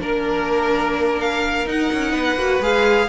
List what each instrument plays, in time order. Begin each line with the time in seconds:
0.00 cello A#3, viola D4, violin A#4
1.20 violin F5
1.66 cello D#4, viola D#4, violin F#5
1.93 cello C#4
2.11 cello B3, violin B4
2.35 cello A#3, viola F#4
2.60 cello G#3, viola G#4, violin F5